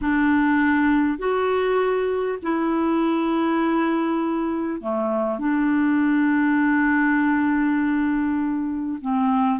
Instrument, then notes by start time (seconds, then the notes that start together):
clarinet
0.01 D4
1.18 F#4
2.42 E4
4.81 A3
5.38 D4
9.01 C4